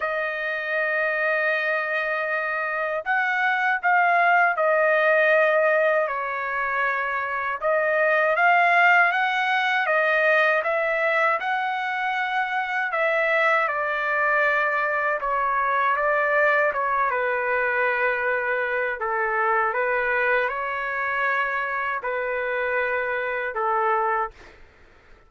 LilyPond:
\new Staff \with { instrumentName = "trumpet" } { \time 4/4 \tempo 4 = 79 dis''1 | fis''4 f''4 dis''2 | cis''2 dis''4 f''4 | fis''4 dis''4 e''4 fis''4~ |
fis''4 e''4 d''2 | cis''4 d''4 cis''8 b'4.~ | b'4 a'4 b'4 cis''4~ | cis''4 b'2 a'4 | }